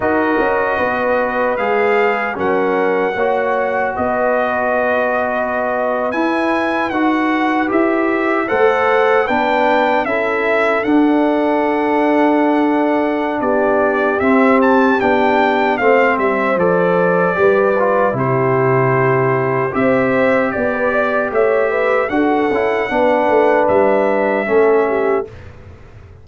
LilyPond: <<
  \new Staff \with { instrumentName = "trumpet" } { \time 4/4 \tempo 4 = 76 dis''2 f''4 fis''4~ | fis''4 dis''2~ dis''8. gis''16~ | gis''8. fis''4 e''4 fis''4 g''16~ | g''8. e''4 fis''2~ fis''16~ |
fis''4 d''4 e''8 a''8 g''4 | f''8 e''8 d''2 c''4~ | c''4 e''4 d''4 e''4 | fis''2 e''2 | }
  \new Staff \with { instrumentName = "horn" } { \time 4/4 ais'4 b'2 ais'4 | cis''4 b'2.~ | b'2~ b'8. c''4 b'16~ | b'8. a'2.~ a'16~ |
a'4 g'2. | c''2 b'4 g'4~ | g'4 c''4 d''16 b'16 d''8 cis''8 b'8 | a'4 b'2 a'8 g'8 | }
  \new Staff \with { instrumentName = "trombone" } { \time 4/4 fis'2 gis'4 cis'4 | fis'2.~ fis'8. e'16~ | e'8. fis'4 g'4 a'4 d'16~ | d'8. e'4 d'2~ d'16~ |
d'2 c'4 d'4 | c'4 a'4 g'8 f'8 e'4~ | e'4 g'2. | fis'8 e'8 d'2 cis'4 | }
  \new Staff \with { instrumentName = "tuba" } { \time 4/4 dis'8 cis'8 b4 gis4 fis4 | ais4 b2~ b8. e'16~ | e'8. dis'4 e'4 a4 b16~ | b8. cis'4 d'2~ d'16~ |
d'4 b4 c'4 b4 | a8 g8 f4 g4 c4~ | c4 c'4 b4 a4 | d'8 cis'8 b8 a8 g4 a4 | }
>>